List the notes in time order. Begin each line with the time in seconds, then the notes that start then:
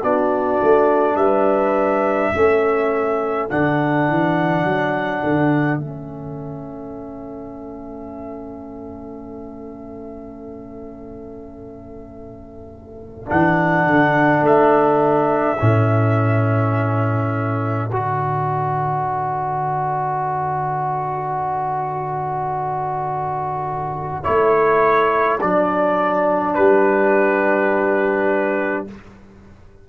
0.00 B3 D4 F#4 D5
0.62 A3
1.15 G3 B4 E5
2.33 A3 C#4 A4
3.49 D3 D4 F#5
4.08 E3
4.63 F#3
5.23 D3
5.78 A3 C#4 E5
13.25 E3 D4 F#5
13.86 D3
14.41 A3 E5
15.59 A2 C#4
17.90 D3 F#4 D5
24.23 A3 E4 C#5
25.41 F#3 D4 D5
26.54 G3 G4 B4